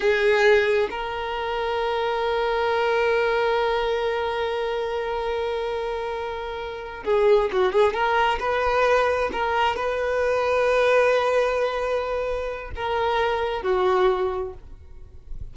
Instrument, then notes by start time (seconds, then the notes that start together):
violin
0.00 G#4
0.90 A#4
7.05 G#4
7.52 F#4
7.72 G#4
7.93 A#4
8.39 B4
9.32 A#4
9.75 B4
12.75 A#4
13.62 F#4